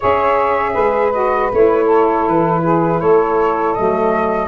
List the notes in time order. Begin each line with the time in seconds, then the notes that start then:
0.00 C#4 G#4 C#5 E5
0.73 G#3 B4
1.12 F#4 D#5
1.52 A3 E4 C#5
1.85 A4
2.27 E3 B4
2.63 G#4
3.00 A3 A4 C#5
3.73 F#3 A3 D#5